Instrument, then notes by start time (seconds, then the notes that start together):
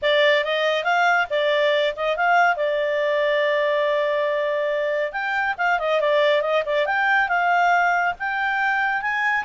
clarinet
0.02 D5
0.44 D#5
0.84 F5
1.30 D5
1.95 D#5
2.16 F5
2.56 D5
5.12 G5
5.57 F5
5.79 D#5
6.00 D5
6.41 D#5
6.65 D5
6.86 G5
7.28 F5
8.19 G5
9.01 G#5